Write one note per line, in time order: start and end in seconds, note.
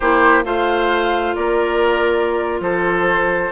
0.00 0.44 A#3
0.00 0.44 E4
0.00 0.44 G4
0.00 0.44 C5
0.44 1.35 A3
0.44 3.51 F4
0.44 1.35 C5
0.44 1.35 F5
1.35 2.60 A#3
1.35 2.60 A#4
1.35 2.60 D5
2.60 3.50 F3
2.60 3.52 A4
2.60 3.52 C5